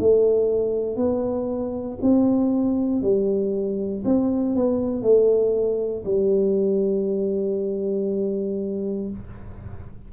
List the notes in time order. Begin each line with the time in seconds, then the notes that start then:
0.00 A3
0.97 B3
2.02 C4
3.02 G3
4.05 C4
4.56 B3
5.02 A3
6.06 G3